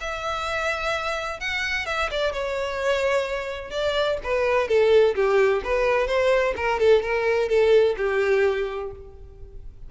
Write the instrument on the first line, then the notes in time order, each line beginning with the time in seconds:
violin
0.00 E5
1.40 F#5
1.86 E5
2.11 D5
2.33 C#5
3.70 D5
4.23 B4
4.68 A4
5.15 G4
5.64 B4
6.07 C5
6.56 A#4
6.79 A4
7.02 A#4
7.49 A4
7.97 G4